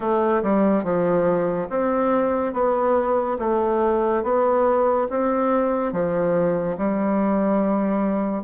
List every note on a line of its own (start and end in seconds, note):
0.00 0.42 A3
0.42 0.83 G3
0.83 1.67 F3
1.69 2.53 C4
2.53 3.37 B3
3.38 4.23 A3
4.23 5.07 B3
5.10 5.92 C4
5.92 6.76 F3
6.77 8.43 G3